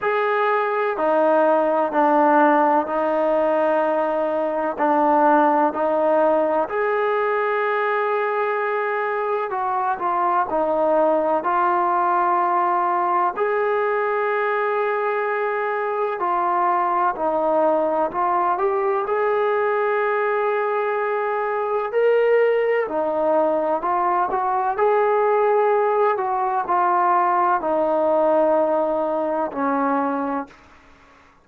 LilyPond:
\new Staff \with { instrumentName = "trombone" } { \time 4/4 \tempo 4 = 63 gis'4 dis'4 d'4 dis'4~ | dis'4 d'4 dis'4 gis'4~ | gis'2 fis'8 f'8 dis'4 | f'2 gis'2~ |
gis'4 f'4 dis'4 f'8 g'8 | gis'2. ais'4 | dis'4 f'8 fis'8 gis'4. fis'8 | f'4 dis'2 cis'4 | }